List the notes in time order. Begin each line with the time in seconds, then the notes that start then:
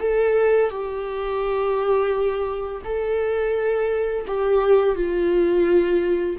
0.00 A4
0.70 G4
2.84 A4
4.27 G4
4.95 F4